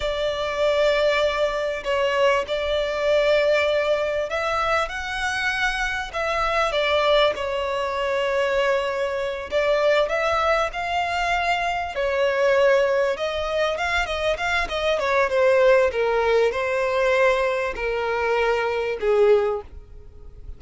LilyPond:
\new Staff \with { instrumentName = "violin" } { \time 4/4 \tempo 4 = 98 d''2. cis''4 | d''2. e''4 | fis''2 e''4 d''4 | cis''2.~ cis''8 d''8~ |
d''8 e''4 f''2 cis''8~ | cis''4. dis''4 f''8 dis''8 f''8 | dis''8 cis''8 c''4 ais'4 c''4~ | c''4 ais'2 gis'4 | }